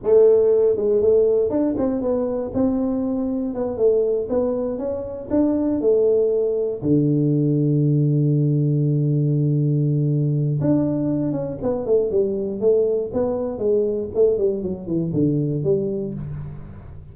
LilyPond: \new Staff \with { instrumentName = "tuba" } { \time 4/4 \tempo 4 = 119 a4. gis8 a4 d'8 c'8 | b4 c'2 b8 a8~ | a8 b4 cis'4 d'4 a8~ | a4. d2~ d8~ |
d1~ | d4 d'4. cis'8 b8 a8 | g4 a4 b4 gis4 | a8 g8 fis8 e8 d4 g4 | }